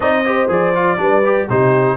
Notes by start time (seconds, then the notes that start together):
0.00 C4 D#4 D5 D#5
0.25 G4 C5
0.48 F3 G#4 D5
0.74 F4
0.97 G3 D4 B4
1.25 G4
1.48 C3 D#4 G4 C5